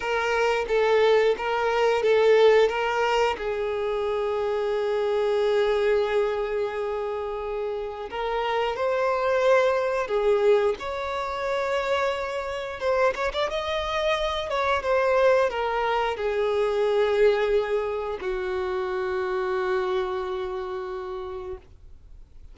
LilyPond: \new Staff \with { instrumentName = "violin" } { \time 4/4 \tempo 4 = 89 ais'4 a'4 ais'4 a'4 | ais'4 gis'2.~ | gis'1 | ais'4 c''2 gis'4 |
cis''2. c''8 cis''16 d''16 | dis''4. cis''8 c''4 ais'4 | gis'2. fis'4~ | fis'1 | }